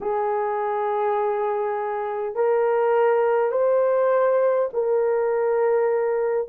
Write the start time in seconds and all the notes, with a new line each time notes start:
0.01 G#4
2.35 A#4
3.51 C5
4.73 A#4